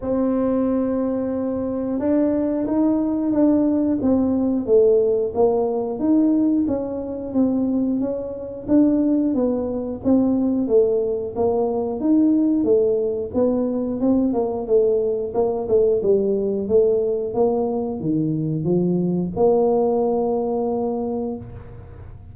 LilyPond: \new Staff \with { instrumentName = "tuba" } { \time 4/4 \tempo 4 = 90 c'2. d'4 | dis'4 d'4 c'4 a4 | ais4 dis'4 cis'4 c'4 | cis'4 d'4 b4 c'4 |
a4 ais4 dis'4 a4 | b4 c'8 ais8 a4 ais8 a8 | g4 a4 ais4 dis4 | f4 ais2. | }